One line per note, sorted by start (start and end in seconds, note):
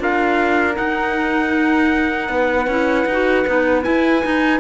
0.00 0.77 D4
0.00 0.74 F4
0.00 2.32 A#4
0.00 0.77 F5
0.74 2.67 D#4
0.74 2.29 D#4
0.74 3.84 F#5
2.29 2.67 B3
2.29 4.60 B4
2.67 3.06 C#4
2.67 3.08 E4
3.06 3.45 D#4
3.06 3.46 F#4
3.46 3.86 B3
3.46 3.83 D#4
3.83 4.21 E4
3.83 4.25 E4
3.83 4.60 G#5
4.23 4.60 D#4